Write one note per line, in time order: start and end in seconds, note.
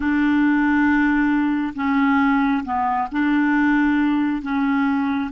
0.00 1.73 D4
1.75 2.63 C#4
2.64 3.08 B3
3.11 4.42 D4
4.42 5.30 C#4